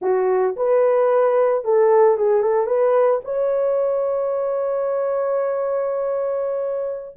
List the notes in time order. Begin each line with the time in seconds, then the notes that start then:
0.01 F#4
0.56 B4
1.64 A4
2.17 G#4
2.42 A4
2.66 B4
3.24 C#5